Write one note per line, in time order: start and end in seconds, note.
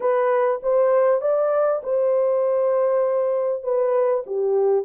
0.00 0.60 B4
0.63 1.21 C5
1.21 1.81 D5
1.83 3.63 C5
3.63 4.23 B4
4.26 4.85 G4